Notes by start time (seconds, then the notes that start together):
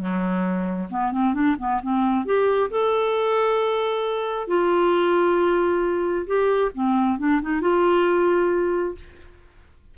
0.00 F#3
0.91 B3
1.12 C4
1.34 D4
1.59 B3
1.83 C4
2.26 G4
2.71 A4
4.48 F4
6.27 G4
6.75 C4
7.19 D4
7.42 D#4
7.62 F4